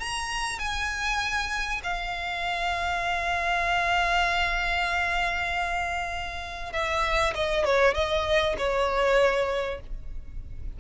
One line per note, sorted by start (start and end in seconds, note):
0.00 0.59 A#5
0.59 1.81 G#5
1.84 6.73 F5
6.73 7.34 E5
7.35 7.65 D#5
7.65 7.95 C#5
7.95 8.56 D#5
8.58 9.80 C#5